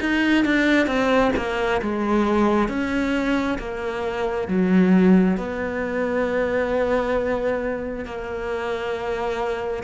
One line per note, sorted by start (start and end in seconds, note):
0.00 0.45 D#4
0.45 0.86 D4
0.86 1.31 C4
1.36 1.81 A#3
1.82 2.68 G#3
2.68 3.58 C#4
3.58 4.48 A#3
4.48 5.37 F#3
5.37 8.05 B3
8.05 9.83 A#3